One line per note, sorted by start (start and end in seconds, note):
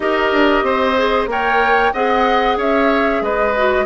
0.00 0.32 D#4
0.00 0.96 G4
0.00 0.64 A#4
0.00 1.28 D#5
0.32 0.62 D4
0.62 1.26 C4
0.62 1.29 C5
0.96 1.28 G#4
1.26 1.91 A#3
1.26 1.92 A#4
1.26 1.93 C#5
1.26 1.93 G5
1.93 2.57 C4
1.93 3.56 G#4
1.93 2.57 D#5
1.93 2.57 F#5
2.57 3.21 C#4
2.57 3.22 C#5
2.57 3.22 E5
3.21 3.85 G#3
3.21 3.85 B4
3.21 3.85 D#5
3.56 3.85 F#4